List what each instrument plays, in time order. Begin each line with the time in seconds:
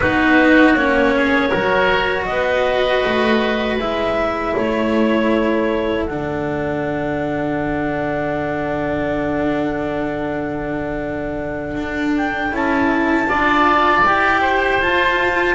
0.00 double bass B3, cello D#4, oboe F#4, clarinet B4
0.75 double bass A#3, cello C#4, clarinet C#5
1.15 oboe G#4
1.49 double bass F#3, cello F#4, oboe A#4
2.25 double bass B3, oboe B4, clarinet D#5
3.05 double bass A3
3.78 double bass G#3, cello E4, clarinet E5
4.53 double bass A3, oboe A4, clarinet C#5
6.04 double bass D3, cello D4, clarinet F#5
11.75 double bass D4
12.16 clarinet G5
12.51 double bass C#4, cello E4, clarinet A5
13.27 double bass D4, cello F4, oboe D5
14.04 double bass E4, cello G4, clarinet G5
14.41 oboe C5
14.80 double bass F4, cello F4, clarinet A5